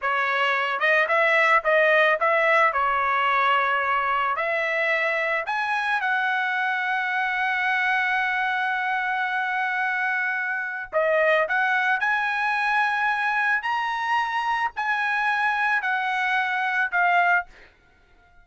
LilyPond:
\new Staff \with { instrumentName = "trumpet" } { \time 4/4 \tempo 4 = 110 cis''4. dis''8 e''4 dis''4 | e''4 cis''2. | e''2 gis''4 fis''4~ | fis''1~ |
fis''1 | dis''4 fis''4 gis''2~ | gis''4 ais''2 gis''4~ | gis''4 fis''2 f''4 | }